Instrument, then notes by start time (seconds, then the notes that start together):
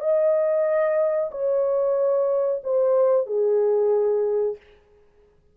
horn
0.00 D#5
1.31 C#5
2.63 C5
3.26 G#4